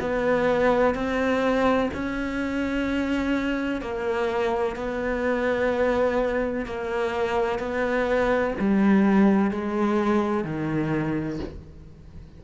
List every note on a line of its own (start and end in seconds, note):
0.00 0.94 B3
0.94 1.90 C4
1.94 3.81 C#4
3.81 4.76 A#3
4.76 6.65 B3
6.65 7.59 A#3
7.59 8.54 B3
8.59 9.51 G3
9.51 10.44 G#3
10.44 11.39 D#3